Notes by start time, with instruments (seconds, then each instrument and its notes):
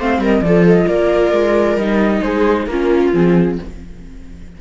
0.00 cello A3, viola C4 C5, flute F5
0.19 cello G3, viola A#4, flute D#5
0.41 cello F3, viola A4, flute D5
0.48 viola F4
0.67 flute D#5
0.88 cello A#3, viola A#4, flute D5
1.33 cello G#3
1.77 cello G3, viola D#4, flute D#5
2.22 cello G#3, viola G#4, flute C5
2.67 cello A#3, viola C#4 F4, flute A#4
3.14 cello F3, viola C4, flute G#4